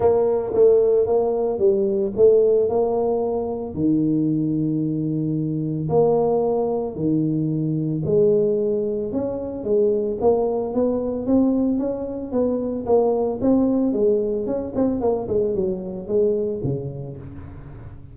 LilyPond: \new Staff \with { instrumentName = "tuba" } { \time 4/4 \tempo 4 = 112 ais4 a4 ais4 g4 | a4 ais2 dis4~ | dis2. ais4~ | ais4 dis2 gis4~ |
gis4 cis'4 gis4 ais4 | b4 c'4 cis'4 b4 | ais4 c'4 gis4 cis'8 c'8 | ais8 gis8 fis4 gis4 cis4 | }